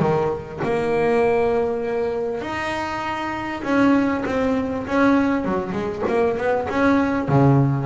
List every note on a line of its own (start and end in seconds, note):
0.00 0.61 D#3
0.64 2.42 A#3
2.42 3.63 D#4
3.64 4.24 C#4
4.26 4.87 C4
4.87 5.45 C#4
5.45 5.73 F#3
5.73 6.03 G#3
6.08 6.38 A#3
6.38 6.68 B3
6.69 7.29 C#4
7.29 7.87 C#3